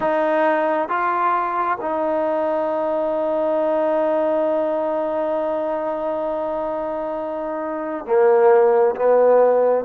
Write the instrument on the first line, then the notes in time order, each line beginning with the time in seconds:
trombone
0.00 D#4
0.88 F4
1.81 D#4
8.06 A#3
8.95 B3